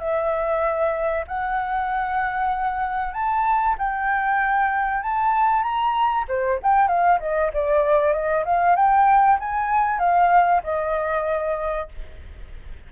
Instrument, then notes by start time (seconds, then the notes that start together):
flute
0.00 E5
1.28 F#5
3.14 A5
3.78 G5
5.03 A5
5.63 A#5
6.29 C5
6.63 G5
6.88 F5
7.20 D#5
7.54 D5
8.13 D#5
8.45 F5
8.76 G5
9.40 G#5
9.99 F5
10.64 D#5